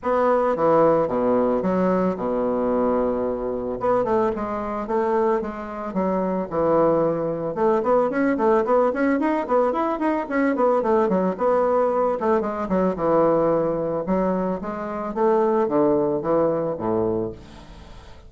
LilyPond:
\new Staff \with { instrumentName = "bassoon" } { \time 4/4 \tempo 4 = 111 b4 e4 b,4 fis4 | b,2. b8 a8 | gis4 a4 gis4 fis4 | e2 a8 b8 cis'8 a8 |
b8 cis'8 dis'8 b8 e'8 dis'8 cis'8 b8 | a8 fis8 b4. a8 gis8 fis8 | e2 fis4 gis4 | a4 d4 e4 a,4 | }